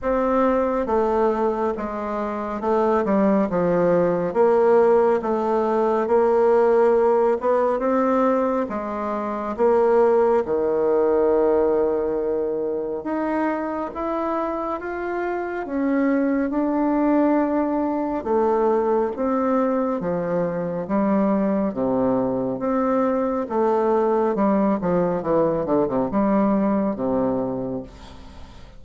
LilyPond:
\new Staff \with { instrumentName = "bassoon" } { \time 4/4 \tempo 4 = 69 c'4 a4 gis4 a8 g8 | f4 ais4 a4 ais4~ | ais8 b8 c'4 gis4 ais4 | dis2. dis'4 |
e'4 f'4 cis'4 d'4~ | d'4 a4 c'4 f4 | g4 c4 c'4 a4 | g8 f8 e8 d16 c16 g4 c4 | }